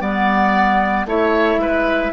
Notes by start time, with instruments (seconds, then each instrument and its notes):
0.00 bassoon G3, clarinet B3, oboe D5, flute F#5
1.05 bassoon A3, clarinet E4, oboe C#5, flute E5
1.57 bassoon G#3, oboe B4